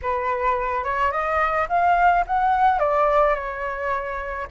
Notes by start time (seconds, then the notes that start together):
0.02 B4
0.84 C#5
1.11 D#5
1.68 F5
2.26 F#5
2.79 D5
3.34 C#5